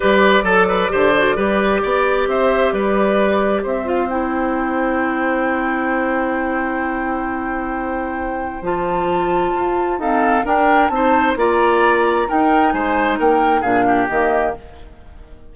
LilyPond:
<<
  \new Staff \with { instrumentName = "flute" } { \time 4/4 \tempo 4 = 132 d''1~ | d''4 e''4 d''2 | e''8 f''8 g''2.~ | g''1~ |
g''2. a''4~ | a''2 f''4 g''4 | a''4 ais''2 g''4 | gis''4 g''4 f''4 dis''4 | }
  \new Staff \with { instrumentName = "oboe" } { \time 4/4 b'4 a'8 b'8 c''4 b'4 | d''4 c''4 b'2 | c''1~ | c''1~ |
c''1~ | c''2 a'4 ais'4 | c''4 d''2 ais'4 | c''4 ais'4 gis'8 g'4. | }
  \new Staff \with { instrumentName = "clarinet" } { \time 4/4 g'4 a'4 g'8 fis'8 g'4~ | g'1~ | g'8 f'8 e'2.~ | e'1~ |
e'2. f'4~ | f'2 c'4 d'4 | dis'4 f'2 dis'4~ | dis'2 d'4 ais4 | }
  \new Staff \with { instrumentName = "bassoon" } { \time 4/4 g4 fis4 d4 g4 | b4 c'4 g2 | c'1~ | c'1~ |
c'2. f4~ | f4 f'4 dis'4 d'4 | c'4 ais2 dis'4 | gis4 ais4 ais,4 dis4 | }
>>